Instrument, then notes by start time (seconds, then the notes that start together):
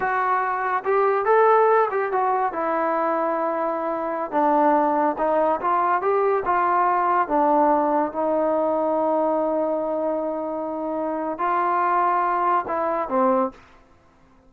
trombone
0.00 F#4
0.84 G4
1.25 A4
1.90 G4
2.12 F#4
2.52 E4
4.31 D4
5.18 D#4
5.60 F4
6.01 G4
6.45 F4
7.28 D4
8.12 D#4
11.38 F4
12.67 E4
13.08 C4